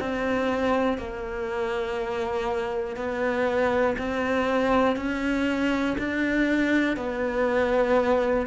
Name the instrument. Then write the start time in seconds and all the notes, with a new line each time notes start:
cello
0.00 C4
0.98 A#3
2.97 B3
3.98 C4
4.96 C#4
5.99 D4
6.97 B3